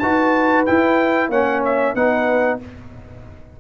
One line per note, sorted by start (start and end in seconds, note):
0.00 0.67 D#4
0.00 0.67 F#4
0.00 1.30 B4
0.00 0.65 A5
0.66 1.32 E4
0.66 1.30 E4
0.66 1.31 G5
1.30 1.94 A#3
1.30 1.96 C#4
1.30 1.94 C#5
1.30 1.64 F#5
1.65 1.95 E5
1.95 2.60 B3
1.95 2.61 D#4
1.95 2.60 B4
1.95 2.60 F#5